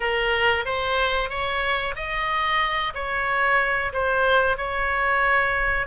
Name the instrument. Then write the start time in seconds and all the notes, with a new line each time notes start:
oboe
0.00 A#4
0.65 C5
1.29 C#5
1.95 D#5
2.94 C#5
3.92 C5
4.57 C#5